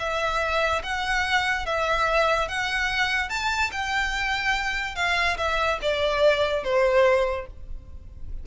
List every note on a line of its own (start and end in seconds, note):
0.00 0.83 E5
0.83 1.66 F#5
1.66 2.49 E5
2.49 3.30 F#5
3.30 3.71 A5
3.72 4.96 G5
4.96 5.37 F5
5.38 5.79 E5
5.82 6.65 D5
6.65 7.47 C5